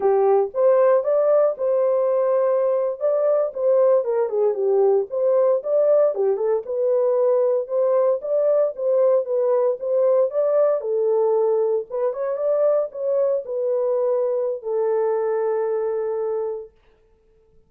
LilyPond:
\new Staff \with { instrumentName = "horn" } { \time 4/4 \tempo 4 = 115 g'4 c''4 d''4 c''4~ | c''4.~ c''16 d''4 c''4 ais'16~ | ais'16 gis'8 g'4 c''4 d''4 g'16~ | g'16 a'8 b'2 c''4 d''16~ |
d''8. c''4 b'4 c''4 d''16~ | d''8. a'2 b'8 cis''8 d''16~ | d''8. cis''4 b'2~ b'16 | a'1 | }